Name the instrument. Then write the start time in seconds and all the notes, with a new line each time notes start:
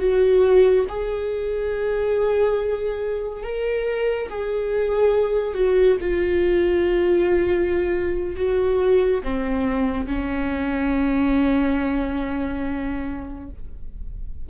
viola
0.00 F#4
0.89 G#4
3.44 A#4
4.30 G#4
5.55 F#4
6.01 F4
8.36 F#4
9.24 C4
10.07 C#4